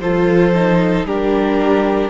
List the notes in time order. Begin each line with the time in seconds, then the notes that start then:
0.00 F3 F4 A4 C5
0.55 D#4
1.04 G3 D4 G4 A#4